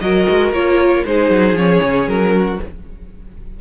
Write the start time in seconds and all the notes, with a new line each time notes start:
0.00 F#3 F#4 A#4 D#5
0.29 G#3
0.52 A#3 F4 C#5
1.05 G#3 D#4 G#4 C5
1.30 F#3
1.53 F3 C#4 C#5
1.82 C#3
2.07 F#3 A#4
2.35 F#4